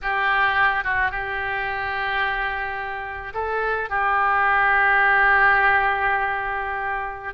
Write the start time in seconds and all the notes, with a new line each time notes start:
0.02 G4
0.84 F#4
1.11 G4
3.34 A4
3.89 G4